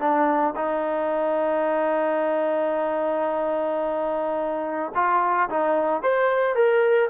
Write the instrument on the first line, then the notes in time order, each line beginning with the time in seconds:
trombone
0.00 D4
0.56 D#4
4.95 F4
5.50 D#4
6.03 C5
6.55 A#4